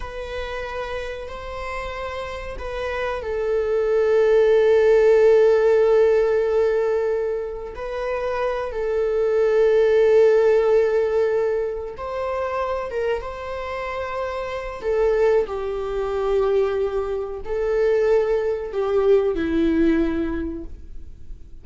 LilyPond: \new Staff \with { instrumentName = "viola" } { \time 4/4 \tempo 4 = 93 b'2 c''2 | b'4 a'2.~ | a'1 | b'4. a'2~ a'8~ |
a'2~ a'8 c''4. | ais'8 c''2~ c''8 a'4 | g'2. a'4~ | a'4 g'4 e'2 | }